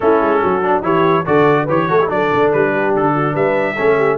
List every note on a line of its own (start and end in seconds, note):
0.00 0.21 A3
0.00 0.62 C#4
0.00 0.42 E4
0.00 0.83 A4
0.21 0.42 G#3
0.42 0.82 F#3
0.42 0.83 F#4
0.62 0.83 D4
0.82 1.24 E3
0.82 1.24 E4
0.82 1.26 G4
0.82 1.26 C#5
1.25 1.69 D3
1.25 1.67 F#4
1.25 1.63 A4
1.25 1.68 D5
1.63 1.89 E3
1.63 1.89 G4
1.63 1.84 B4
1.69 2.10 C#5
1.89 2.09 A3
1.89 1.99 F#4
1.89 1.98 A4
1.98 2.08 E4
1.98 2.09 G4
2.08 2.30 F#3
2.08 3.76 D4
2.08 2.72 A4
2.08 2.51 D5
2.33 2.53 D3
2.52 2.95 G3
2.52 2.94 B4
2.72 3.14 G4
2.95 3.34 D3
2.95 3.35 A4
3.15 3.33 F#4
3.33 3.76 G3
3.33 3.75 B4
3.33 4.18 E5
3.75 4.18 A3
3.75 4.18 C#4
3.75 3.96 A4
3.97 4.18 G4